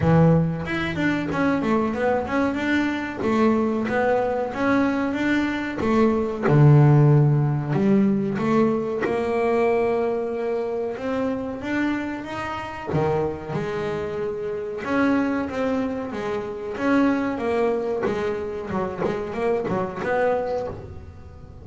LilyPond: \new Staff \with { instrumentName = "double bass" } { \time 4/4 \tempo 4 = 93 e4 e'8 d'8 cis'8 a8 b8 cis'8 | d'4 a4 b4 cis'4 | d'4 a4 d2 | g4 a4 ais2~ |
ais4 c'4 d'4 dis'4 | dis4 gis2 cis'4 | c'4 gis4 cis'4 ais4 | gis4 fis8 gis8 ais8 fis8 b4 | }